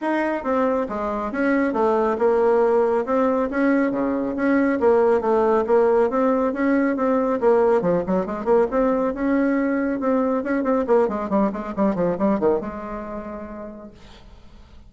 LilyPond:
\new Staff \with { instrumentName = "bassoon" } { \time 4/4 \tempo 4 = 138 dis'4 c'4 gis4 cis'4 | a4 ais2 c'4 | cis'4 cis4 cis'4 ais4 | a4 ais4 c'4 cis'4 |
c'4 ais4 f8 fis8 gis8 ais8 | c'4 cis'2 c'4 | cis'8 c'8 ais8 gis8 g8 gis8 g8 f8 | g8 dis8 gis2. | }